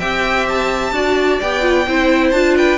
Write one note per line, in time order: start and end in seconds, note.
0.00 0.93 C4
0.00 0.94 G4
0.00 0.93 E5
0.00 0.47 G5
0.49 1.41 A5
0.93 1.39 D4
0.93 1.41 F#4
0.93 1.88 D5
1.41 1.88 B3
1.41 1.62 G4
1.41 2.32 G5
1.62 1.85 F4
1.88 2.33 C4
1.88 2.35 E4
1.88 2.57 C5
2.32 2.79 D4
2.32 2.79 F4
2.32 2.55 A5
2.57 2.79 B4
2.57 2.79 G5